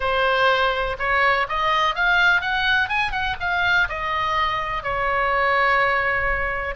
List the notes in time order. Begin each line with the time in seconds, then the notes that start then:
0.00 C5
0.98 C#5
1.48 D#5
1.95 F5
2.41 F#5
2.88 G#5
3.11 F#5
3.40 F5
3.88 D#5
4.83 C#5